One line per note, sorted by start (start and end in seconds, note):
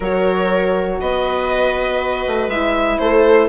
0.00 0.99 F#3
0.00 2.52 F#4
0.00 0.98 A#4
0.00 1.00 C#5
1.00 2.25 B3
1.00 3.00 B4
1.00 2.49 D#5
2.27 2.47 A3
2.47 2.97 G#3
2.47 3.49 E4
2.47 2.98 E5
2.98 3.49 A3
2.98 3.49 A4
2.98 3.48 C5